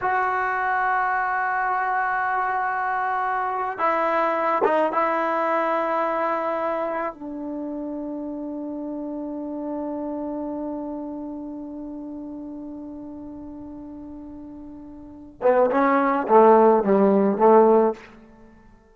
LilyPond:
\new Staff \with { instrumentName = "trombone" } { \time 4/4 \tempo 4 = 107 fis'1~ | fis'2~ fis'8. e'4~ e'16~ | e'16 dis'8 e'2.~ e'16~ | e'8. d'2.~ d'16~ |
d'1~ | d'1~ | d'2.~ d'8 b8 | cis'4 a4 g4 a4 | }